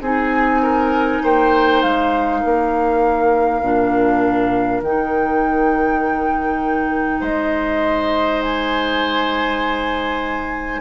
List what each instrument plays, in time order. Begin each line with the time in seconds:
0.00 bassoon C4, clarinet D#4, oboe G#4, flute G#5
0.62 oboe A#4
1.23 bassoon A#3, oboe C5, flute G5
1.82 bassoon G#3, flute F5
2.40 bassoon A#3, oboe A#4
3.61 bassoon A#2, clarinet D4
4.81 bassoon D#3, clarinet D#4, flute G5
7.20 bassoon G#3, oboe C5, flute D#5
8.42 flute G#5